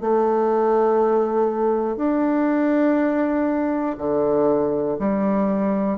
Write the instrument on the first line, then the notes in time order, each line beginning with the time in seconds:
bassoon
0.00 A3
1.96 D4
3.98 D3
4.99 G3